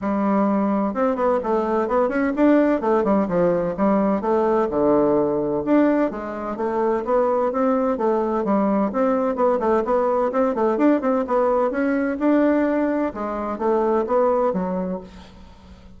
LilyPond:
\new Staff \with { instrumentName = "bassoon" } { \time 4/4 \tempo 4 = 128 g2 c'8 b8 a4 | b8 cis'8 d'4 a8 g8 f4 | g4 a4 d2 | d'4 gis4 a4 b4 |
c'4 a4 g4 c'4 | b8 a8 b4 c'8 a8 d'8 c'8 | b4 cis'4 d'2 | gis4 a4 b4 fis4 | }